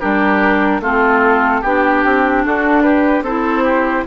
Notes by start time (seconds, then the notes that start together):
0.00 G3 D4 G4 A#4
0.81 A3 C4 F4 A4
1.61 B3 D4 G4
2.04 C4
2.45 D4 F#4 A4
2.82 G4 B4
3.22 C4 E4 A4 C5
3.64 G4